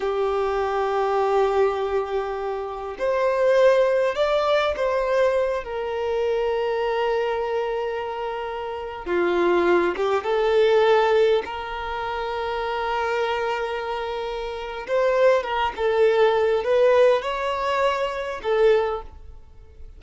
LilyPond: \new Staff \with { instrumentName = "violin" } { \time 4/4 \tempo 4 = 101 g'1~ | g'4 c''2 d''4 | c''4. ais'2~ ais'8~ | ais'2.~ ais'16 f'8.~ |
f'8. g'8 a'2 ais'8.~ | ais'1~ | ais'4 c''4 ais'8 a'4. | b'4 cis''2 a'4 | }